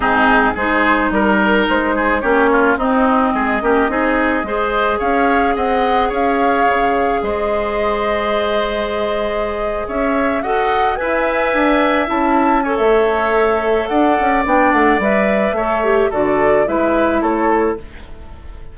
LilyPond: <<
  \new Staff \with { instrumentName = "flute" } { \time 4/4 \tempo 4 = 108 gis'4 c''4 ais'4 c''4 | cis''4 dis''2.~ | dis''4 f''4 fis''4 f''4~ | f''4 dis''2.~ |
dis''4.~ dis''16 e''4 fis''4 gis''16~ | gis''4.~ gis''16 a''4 gis''16 e''4~ | e''4 fis''4 g''8 fis''8 e''4~ | e''4 d''4 e''4 cis''4 | }
  \new Staff \with { instrumentName = "oboe" } { \time 4/4 dis'4 gis'4 ais'4. gis'8 | g'8 f'8 dis'4 gis'8 g'8 gis'4 | c''4 cis''4 dis''4 cis''4~ | cis''4 c''2.~ |
c''4.~ c''16 cis''4 dis''4 e''16~ | e''2~ e''8. cis''4~ cis''16~ | cis''4 d''2. | cis''4 a'4 b'4 a'4 | }
  \new Staff \with { instrumentName = "clarinet" } { \time 4/4 c'4 dis'2. | cis'4 c'4. cis'8 dis'4 | gis'1~ | gis'1~ |
gis'2~ gis'8. a'4 b'16~ | b'4.~ b'16 e'4 a'4~ a'16~ | a'2 d'4 b'4 | a'8 g'8 fis'4 e'2 | }
  \new Staff \with { instrumentName = "bassoon" } { \time 4/4 gis,4 gis4 g4 gis4 | ais4 c'4 gis8 ais8 c'4 | gis4 cis'4 c'4 cis'4 | cis4 gis2.~ |
gis4.~ gis16 cis'4 fis'4 e'16~ | e'8. d'4 cis'4~ cis'16 a4~ | a4 d'8 cis'8 b8 a8 g4 | a4 d4 gis4 a4 | }
>>